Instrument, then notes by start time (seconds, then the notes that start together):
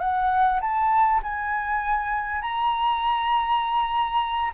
flute
0.00 F#5
0.61 A5
1.23 G#5
2.42 A#5